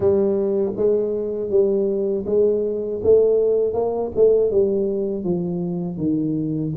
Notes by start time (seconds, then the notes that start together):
0.00 G3
0.76 G#3
1.50 G3
2.26 G#3
3.03 A3
3.73 A#3
4.15 A3
4.50 G3
5.23 F3
5.97 D#3